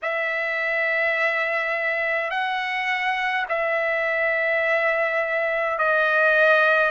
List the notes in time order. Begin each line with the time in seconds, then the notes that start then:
0.02 E5
2.30 F#5
3.48 E5
5.78 D#5